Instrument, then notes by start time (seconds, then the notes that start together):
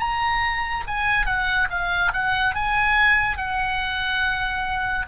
oboe
0.00 A#5
0.88 G#5
1.26 F#5
1.71 F5
2.14 F#5
2.55 G#5
3.38 F#5